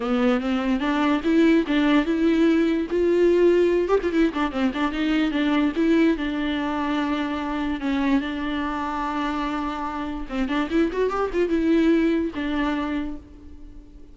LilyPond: \new Staff \with { instrumentName = "viola" } { \time 4/4 \tempo 4 = 146 b4 c'4 d'4 e'4 | d'4 e'2 f'4~ | f'4. g'16 f'16 e'8 d'8 c'8 d'8 | dis'4 d'4 e'4 d'4~ |
d'2. cis'4 | d'1~ | d'4 c'8 d'8 e'8 fis'8 g'8 f'8 | e'2 d'2 | }